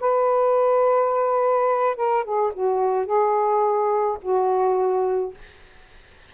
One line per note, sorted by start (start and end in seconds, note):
0.00 1.96 B4
1.96 2.24 A#4
2.24 2.52 G#4
2.53 3.05 F#4
3.05 4.18 G#4
4.22 5.34 F#4